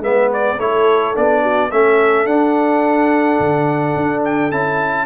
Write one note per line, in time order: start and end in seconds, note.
0.00 0.56 G#3
0.00 0.58 B3
0.00 0.59 B4
0.00 0.32 E5
0.34 0.60 D5
0.59 1.15 A3
0.59 1.15 E4
0.59 1.43 A4
0.59 1.16 C#5
1.15 1.72 B3
1.15 1.71 D4
1.15 1.71 D5
1.43 1.69 F#4
1.69 2.26 A3
1.69 2.27 C#4
1.69 5.06 A4
1.69 2.27 E5
2.26 3.38 D4
2.26 4.52 D4
2.26 4.23 F#5
3.40 3.96 D3
3.96 4.52 D4
4.25 4.52 G5
4.52 5.06 C#4
4.52 5.06 E4
4.52 5.06 A5